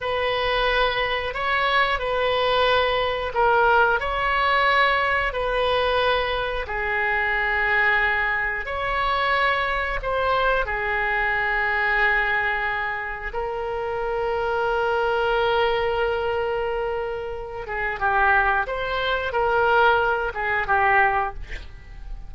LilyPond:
\new Staff \with { instrumentName = "oboe" } { \time 4/4 \tempo 4 = 90 b'2 cis''4 b'4~ | b'4 ais'4 cis''2 | b'2 gis'2~ | gis'4 cis''2 c''4 |
gis'1 | ais'1~ | ais'2~ ais'8 gis'8 g'4 | c''4 ais'4. gis'8 g'4 | }